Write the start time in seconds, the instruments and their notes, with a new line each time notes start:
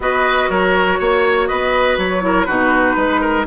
0.00 bassoon B3, clarinet F#4, oboe B4, flute D#5
0.49 bassoon F#3, oboe A#4, flute C#5
0.99 bassoon A#3, oboe C#5
1.47 bassoon B3, oboe B4, flute D#5
1.97 bassoon F#3, flute C#5
2.21 clarinet E4, oboe A#4
2.44 bassoon B2, clarinet D#4, oboe F#4, flute B4
2.96 bassoon G#3, oboe B4
3.20 oboe A#4